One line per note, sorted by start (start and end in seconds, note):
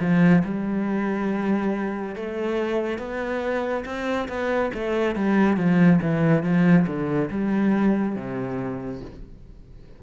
0.00 0.43 F3
0.44 2.16 G3
2.16 2.99 A3
2.99 3.85 B3
3.85 4.28 C4
4.29 4.71 B3
4.75 5.16 A3
5.16 5.57 G3
5.57 6.00 F3
6.02 6.44 E3
6.44 6.86 F3
6.87 7.30 D3
7.31 8.16 G3
8.16 9.02 C3